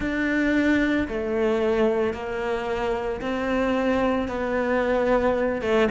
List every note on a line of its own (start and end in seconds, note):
0.00 1.07 D4
1.08 2.13 A3
2.13 3.20 A#3
3.21 4.28 C4
4.28 5.61 B3
5.61 5.88 A3